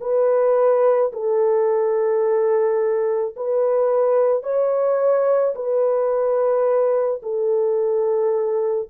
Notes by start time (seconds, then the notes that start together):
0.00 B4
1.13 A4
3.36 B4
4.43 C#5
5.55 B4
7.22 A4